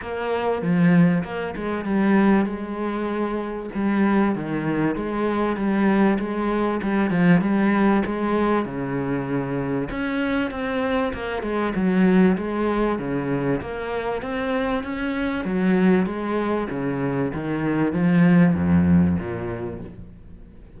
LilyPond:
\new Staff \with { instrumentName = "cello" } { \time 4/4 \tempo 4 = 97 ais4 f4 ais8 gis8 g4 | gis2 g4 dis4 | gis4 g4 gis4 g8 f8 | g4 gis4 cis2 |
cis'4 c'4 ais8 gis8 fis4 | gis4 cis4 ais4 c'4 | cis'4 fis4 gis4 cis4 | dis4 f4 f,4 ais,4 | }